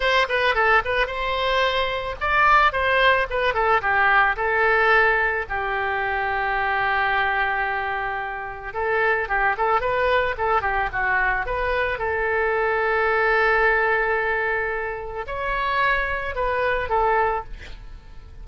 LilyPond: \new Staff \with { instrumentName = "oboe" } { \time 4/4 \tempo 4 = 110 c''8 b'8 a'8 b'8 c''2 | d''4 c''4 b'8 a'8 g'4 | a'2 g'2~ | g'1 |
a'4 g'8 a'8 b'4 a'8 g'8 | fis'4 b'4 a'2~ | a'1 | cis''2 b'4 a'4 | }